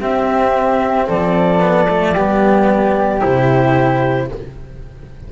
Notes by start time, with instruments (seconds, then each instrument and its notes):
0.00 double bass C4, cello C4, flute G4, clarinet E5
1.08 double bass F3, flute A4, clarinet D5
1.60 cello B3
1.90 cello A3
2.14 double bass G3, cello B3, flute G4
3.21 double bass C3, cello E4, clarinet C5